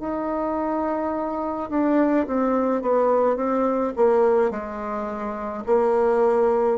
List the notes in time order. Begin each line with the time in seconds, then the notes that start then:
0.00 D#4
1.70 D4
2.27 C4
2.82 B3
3.37 C4
3.96 A#3
4.51 G#3
5.67 A#3